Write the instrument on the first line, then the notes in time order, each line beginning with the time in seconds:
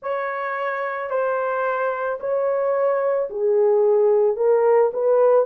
horn
0.02 C#5
1.10 C5
2.20 C#5
3.30 G#4
4.36 A#4
4.93 B4